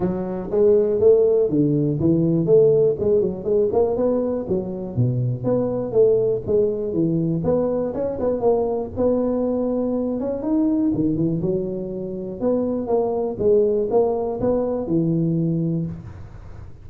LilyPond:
\new Staff \with { instrumentName = "tuba" } { \time 4/4 \tempo 4 = 121 fis4 gis4 a4 d4 | e4 a4 gis8 fis8 gis8 ais8 | b4 fis4 b,4 b4 | a4 gis4 e4 b4 |
cis'8 b8 ais4 b2~ | b8 cis'8 dis'4 dis8 e8 fis4~ | fis4 b4 ais4 gis4 | ais4 b4 e2 | }